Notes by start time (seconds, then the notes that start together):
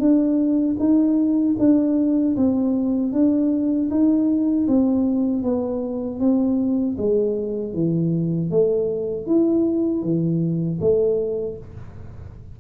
0.00 D4
0.80 D#4
1.59 D4
2.37 C4
3.13 D4
3.91 D#4
4.68 C4
5.43 B3
6.20 C4
6.98 G#3
7.74 E3
8.51 A3
9.27 E4
10.03 E3
10.81 A3